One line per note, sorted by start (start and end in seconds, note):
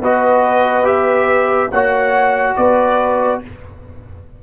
0.00 1.69 B3
0.00 0.84 F#4
0.00 1.71 B4
0.00 0.86 D#5
0.84 1.68 G4
0.84 1.70 E5
1.71 2.55 A#3
1.71 3.43 F#4
1.71 2.55 C#5
1.71 2.56 F#5
2.56 3.41 B3
2.56 3.42 B4
2.56 3.40 D5